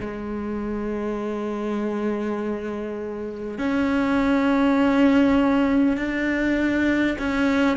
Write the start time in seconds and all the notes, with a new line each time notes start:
0.00 G#3
3.58 C#4
5.97 D4
7.18 C#4